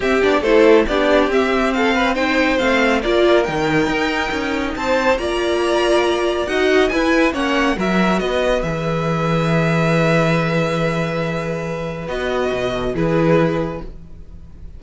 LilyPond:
<<
  \new Staff \with { instrumentName = "violin" } { \time 4/4 \tempo 4 = 139 e''8 d''8 c''4 d''4 e''4 | f''4 g''4 f''4 d''4 | g''2. a''4 | ais''2. fis''4 |
gis''4 fis''4 e''4 dis''4 | e''1~ | e''1 | dis''2 b'2 | }
  \new Staff \with { instrumentName = "violin" } { \time 4/4 g'4 a'4 g'2 | a'8 b'8 c''2 ais'4~ | ais'2. c''4 | d''2. dis''4 |
b'4 cis''4 ais'4 b'4~ | b'1~ | b'1~ | b'4. a'8 gis'2 | }
  \new Staff \with { instrumentName = "viola" } { \time 4/4 c'8 d'8 e'4 d'4 c'4~ | c'4 dis'4 c'4 f'4 | dis'1 | f'2. fis'4 |
e'4 cis'4 fis'2 | gis'1~ | gis'1 | fis'2 e'2 | }
  \new Staff \with { instrumentName = "cello" } { \time 4/4 c'8 b8 a4 b4 c'4~ | c'2 a4 ais4 | dis4 dis'4 cis'4 c'4 | ais2. dis'4 |
e'4 ais4 fis4 b4 | e1~ | e1 | b4 b,4 e2 | }
>>